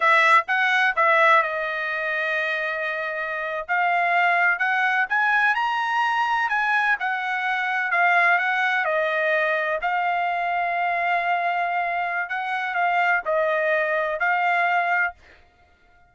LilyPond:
\new Staff \with { instrumentName = "trumpet" } { \time 4/4 \tempo 4 = 127 e''4 fis''4 e''4 dis''4~ | dis''2.~ dis''8. f''16~ | f''4.~ f''16 fis''4 gis''4 ais''16~ | ais''4.~ ais''16 gis''4 fis''4~ fis''16~ |
fis''8. f''4 fis''4 dis''4~ dis''16~ | dis''8. f''2.~ f''16~ | f''2 fis''4 f''4 | dis''2 f''2 | }